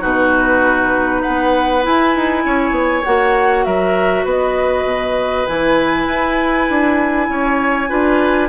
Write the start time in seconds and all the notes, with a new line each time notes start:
0.00 B2 D#4 F#4 B4
1.21 B3 B4 F#5
1.82 E4 G#5
2.15 D#4
2.45 C#4 C#5
2.70 B3
3.04 A#3 F#4 F#5
3.64 F#3 A#4 E5
4.24 B3 B4 D#5
4.84 B2
5.46 E3 E4 G#5
6.07 E4
6.69 D4
7.29 C#4 C#5
7.88 D4 F4 B4